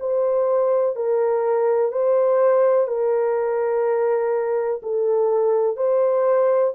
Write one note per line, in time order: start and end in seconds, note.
0.00 0.96 C5
0.96 1.92 A#4
1.92 2.88 C5
2.88 4.81 A#4
4.83 5.77 A4
5.77 6.73 C5